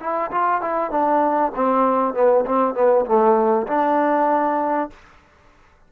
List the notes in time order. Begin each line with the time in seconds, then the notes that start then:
0.00 E4
0.31 F4
0.61 E4
0.91 D4
1.55 C4
2.14 B3
2.45 C4
2.74 B3
3.06 A3
3.67 D4